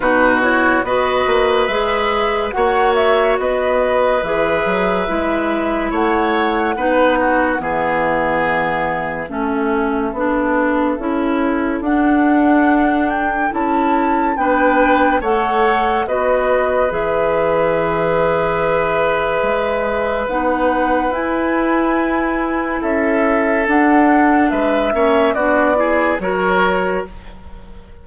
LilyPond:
<<
  \new Staff \with { instrumentName = "flute" } { \time 4/4 \tempo 4 = 71 b'8 cis''8 dis''4 e''4 fis''8 e''8 | dis''4 e''2 fis''4~ | fis''4 e''2.~ | e''2 fis''4. g''8 |
a''4 g''4 fis''4 dis''4 | e''1 | fis''4 gis''2 e''4 | fis''4 e''4 d''4 cis''4 | }
  \new Staff \with { instrumentName = "oboe" } { \time 4/4 fis'4 b'2 cis''4 | b'2. cis''4 | b'8 fis'8 gis'2 a'4~ | a'1~ |
a'4 b'4 cis''4 b'4~ | b'1~ | b'2. a'4~ | a'4 b'8 cis''8 fis'8 gis'8 ais'4 | }
  \new Staff \with { instrumentName = "clarinet" } { \time 4/4 dis'8 e'8 fis'4 gis'4 fis'4~ | fis'4 gis'4 e'2 | dis'4 b2 cis'4 | d'4 e'4 d'2 |
e'4 d'4 a'4 fis'4 | gis'1 | dis'4 e'2. | d'4. cis'8 d'8 e'8 fis'4 | }
  \new Staff \with { instrumentName = "bassoon" } { \time 4/4 b,4 b8 ais8 gis4 ais4 | b4 e8 fis8 gis4 a4 | b4 e2 a4 | b4 cis'4 d'2 |
cis'4 b4 a4 b4 | e2. gis4 | b4 e'2 cis'4 | d'4 gis8 ais8 b4 fis4 | }
>>